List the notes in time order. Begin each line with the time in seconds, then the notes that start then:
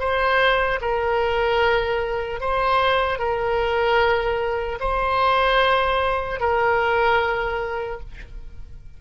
0.00 C5
0.81 A#4
2.41 C5
3.19 A#4
4.80 C5
6.40 A#4